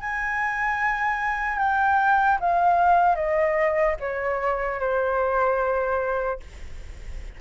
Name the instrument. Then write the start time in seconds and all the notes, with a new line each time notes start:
flute
0.00 G#5
1.58 G5
2.40 F5
3.15 D#5
4.00 C#5
4.80 C5